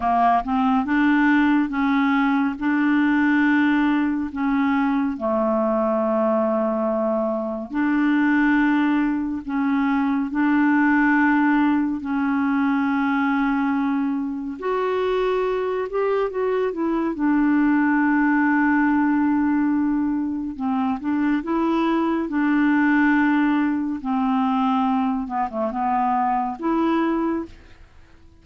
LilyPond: \new Staff \with { instrumentName = "clarinet" } { \time 4/4 \tempo 4 = 70 ais8 c'8 d'4 cis'4 d'4~ | d'4 cis'4 a2~ | a4 d'2 cis'4 | d'2 cis'2~ |
cis'4 fis'4. g'8 fis'8 e'8 | d'1 | c'8 d'8 e'4 d'2 | c'4. b16 a16 b4 e'4 | }